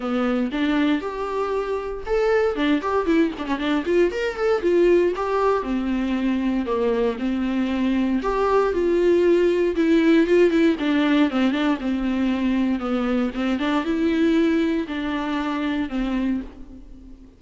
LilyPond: \new Staff \with { instrumentName = "viola" } { \time 4/4 \tempo 4 = 117 b4 d'4 g'2 | a'4 d'8 g'8 e'8 d'16 cis'16 d'8 f'8 | ais'8 a'8 f'4 g'4 c'4~ | c'4 ais4 c'2 |
g'4 f'2 e'4 | f'8 e'8 d'4 c'8 d'8 c'4~ | c'4 b4 c'8 d'8 e'4~ | e'4 d'2 c'4 | }